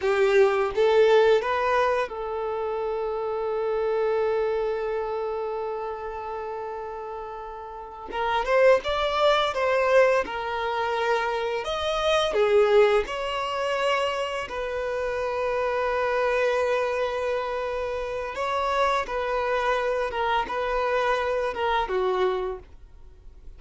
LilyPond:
\new Staff \with { instrumentName = "violin" } { \time 4/4 \tempo 4 = 85 g'4 a'4 b'4 a'4~ | a'1~ | a'2.~ a'8 ais'8 | c''8 d''4 c''4 ais'4.~ |
ais'8 dis''4 gis'4 cis''4.~ | cis''8 b'2.~ b'8~ | b'2 cis''4 b'4~ | b'8 ais'8 b'4. ais'8 fis'4 | }